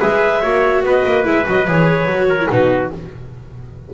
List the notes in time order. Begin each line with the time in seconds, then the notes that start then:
0.00 G#3 G#4 B4 E5
0.41 A#3 F#4 C#5
0.83 B3 B4 D#5
1.06 A#3
1.24 G#3 E4 E5
1.45 F#3 F#4 D#5
1.67 E3 G#4 C#5
2.06 F#3 F#4
2.29 A#4
2.40 E4
2.49 B2 D#4 F#4 B4